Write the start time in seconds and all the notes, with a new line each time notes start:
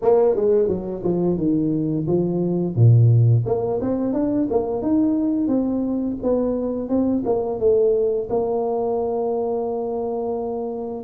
0.02 A#3
0.35 G#3
0.67 F#3
1.03 F3
1.37 D#3
2.07 F3
2.75 A#2
3.45 A#3
3.81 C4
4.13 D4
4.50 A#3
4.82 D#4
5.47 C4
6.22 B3
6.88 C4
7.25 A#3
7.59 A3
8.29 A#3